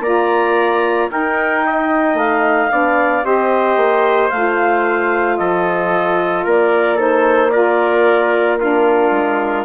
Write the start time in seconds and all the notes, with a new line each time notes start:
0.00 A#3 F4 D5 A#5
1.09 D#4 A#4 G5
1.66 D#5
2.14 A3 F5
2.70 B3 D4 D5
3.23 C4 G4 C5 D#5
3.76 A#3
4.30 A3 F4 F5
5.37 F3 A4 D#5
6.44 A#3 A#4 D5
6.96 D#4 A4 C5
7.50 F4 A#4 D5
8.59 D4 F4 A#4
9.11 G#3